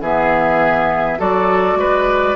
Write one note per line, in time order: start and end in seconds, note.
0.00 1.18 E3
0.00 1.18 B3
0.00 1.19 G#4
0.00 1.20 E5
1.18 1.75 F#3
1.18 2.36 F#4
1.18 1.78 A4
1.18 2.36 D5
1.75 2.34 G#3
1.75 2.36 B4